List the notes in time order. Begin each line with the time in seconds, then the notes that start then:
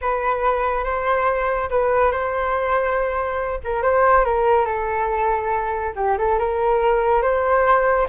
0.01 B4
0.84 C5
1.70 B4
2.11 C5
3.64 A#4
3.82 C5
4.24 A#4
4.65 A4
5.95 G4
6.18 A4
6.38 A#4
7.22 C5